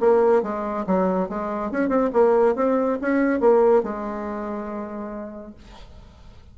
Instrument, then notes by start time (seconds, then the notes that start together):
bassoon
0.00 A#3
0.42 G#3
0.86 F#3
1.29 G#3
1.71 C#4
1.89 C4
2.13 A#3
2.55 C4
3.01 C#4
3.40 A#3
3.83 G#3